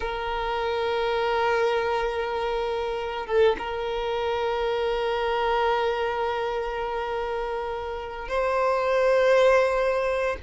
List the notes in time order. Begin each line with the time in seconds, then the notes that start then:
0.00 A#4
3.26 A4
3.58 A#4
8.28 C5